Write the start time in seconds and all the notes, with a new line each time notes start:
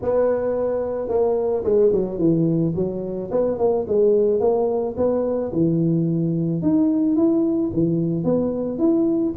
0.02 B3
1.08 A#3
1.64 G#3
1.92 F#3
2.18 E3
2.75 F#3
3.31 B3
3.58 A#3
3.87 G#3
4.40 A#3
4.96 B3
5.52 E3
6.62 D#4
7.16 E4
7.73 E3
8.24 B3
8.78 E4